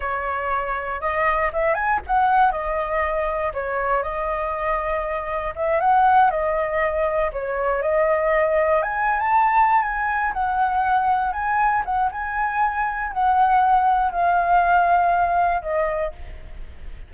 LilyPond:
\new Staff \with { instrumentName = "flute" } { \time 4/4 \tempo 4 = 119 cis''2 dis''4 e''8 gis''8 | fis''4 dis''2 cis''4 | dis''2. e''8 fis''8~ | fis''8 dis''2 cis''4 dis''8~ |
dis''4. gis''8. a''4~ a''16 gis''8~ | gis''8 fis''2 gis''4 fis''8 | gis''2 fis''2 | f''2. dis''4 | }